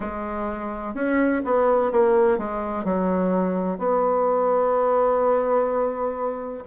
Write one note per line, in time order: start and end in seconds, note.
0.00 0.94 G#3
0.94 1.42 C#4
1.45 1.91 B3
1.91 2.38 A#3
2.38 2.84 G#3
2.84 3.78 F#3
3.78 6.64 B3